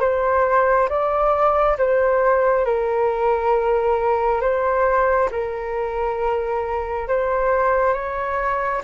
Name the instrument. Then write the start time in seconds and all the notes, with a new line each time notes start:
flute
0.00 C5
0.89 D5
1.78 C5
2.65 A#4
4.41 C5
5.31 A#4
7.07 C5
7.93 C#5